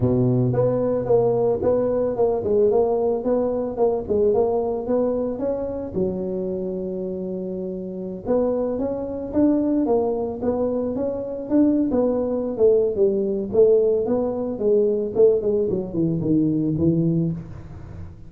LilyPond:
\new Staff \with { instrumentName = "tuba" } { \time 4/4 \tempo 4 = 111 b,4 b4 ais4 b4 | ais8 gis8 ais4 b4 ais8 gis8 | ais4 b4 cis'4 fis4~ | fis2.~ fis16 b8.~ |
b16 cis'4 d'4 ais4 b8.~ | b16 cis'4 d'8. b4~ b16 a8. | g4 a4 b4 gis4 | a8 gis8 fis8 e8 dis4 e4 | }